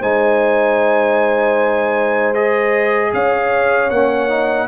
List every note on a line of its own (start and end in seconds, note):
0.00 3.13 G#3
0.00 2.34 D#4
0.00 3.12 C5
0.00 2.34 G#5
2.34 3.90 G#4
2.34 3.12 D#5
3.13 3.90 C#4
3.13 4.68 C#5
3.13 3.90 F5
3.90 4.68 A#3
3.90 4.29 C#4
3.90 4.68 F#5
4.29 4.68 D#4